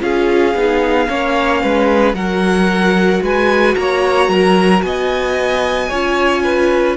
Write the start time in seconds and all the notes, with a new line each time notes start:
0.00 C#4 F4 G#4 F5
0.55 B3 D#4
1.09 A#3 C#4 C#5
1.62 G#3 B4
2.14 F#3 F#4 A#4 F#5
3.22 G#3 B4 G#5
3.76 A#3 C#5 A#5
4.29 F#3 A#4
4.82 B3 D#5 G#5
5.89 C#4 F4 C#5
6.44 B4